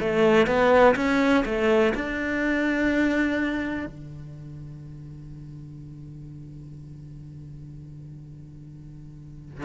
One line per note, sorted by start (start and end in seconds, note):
0.00 0.47 A3
0.47 0.95 B3
0.96 1.44 C#4
1.46 1.94 A3
1.95 3.86 D4
3.86 9.66 D3